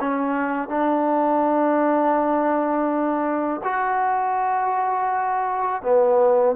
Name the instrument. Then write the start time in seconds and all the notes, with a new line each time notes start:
trombone
0.00 C#4
0.69 D4
3.64 F#4
5.82 B3